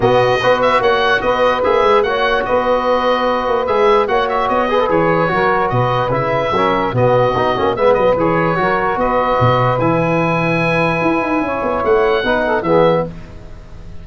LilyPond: <<
  \new Staff \with { instrumentName = "oboe" } { \time 4/4 \tempo 4 = 147 dis''4. e''8 fis''4 dis''4 | e''4 fis''4 dis''2~ | dis''4 e''4 fis''8 e''8 dis''4 | cis''2 dis''4 e''4~ |
e''4 dis''2 e''8 dis''8 | cis''2 dis''2 | gis''1~ | gis''4 fis''2 e''4 | }
  \new Staff \with { instrumentName = "saxophone" } { \time 4/4 fis'4 b'4 cis''4 b'4~ | b'4 cis''4 b'2~ | b'2 cis''4. b'8~ | b'4 ais'4 b'2 |
ais'4 fis'2 b'4~ | b'4 ais'4 b'2~ | b'1 | cis''2 b'8 a'8 gis'4 | }
  \new Staff \with { instrumentName = "trombone" } { \time 4/4 b4 fis'2. | gis'4 fis'2.~ | fis'4 gis'4 fis'4. gis'16 a'16 | gis'4 fis'2 e'4 |
cis'4 b4 dis'8 cis'8 b4 | gis'4 fis'2. | e'1~ | e'2 dis'4 b4 | }
  \new Staff \with { instrumentName = "tuba" } { \time 4/4 b,4 b4 ais4 b4 | ais8 gis8 ais4 b2~ | b8 ais8 gis4 ais4 b4 | e4 fis4 b,4 cis4 |
fis4 b,4 b8 ais8 gis8 fis8 | e4 fis4 b4 b,4 | e2. e'8 dis'8 | cis'8 b8 a4 b4 e4 | }
>>